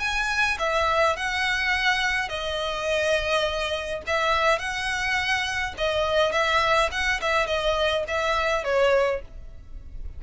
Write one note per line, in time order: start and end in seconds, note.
0.00 0.58 G#5
0.59 1.17 E5
1.17 2.29 F#5
2.29 4.02 D#5
4.07 4.59 E5
4.59 5.75 F#5
5.78 6.32 D#5
6.32 6.90 E5
6.92 7.21 F#5
7.21 7.47 E5
7.47 8.05 D#5
8.08 8.64 E5
8.64 9.22 C#5